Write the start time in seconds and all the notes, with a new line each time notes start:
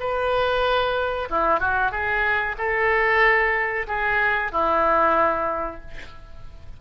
0.00 B4
1.30 E4
1.60 F#4
1.92 G#4
2.58 A4
3.88 G#4
4.52 E4